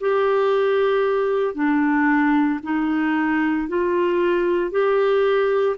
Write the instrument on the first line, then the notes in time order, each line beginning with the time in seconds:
clarinet
0.00 G4
1.55 D4
2.63 D#4
3.68 F4
4.71 G4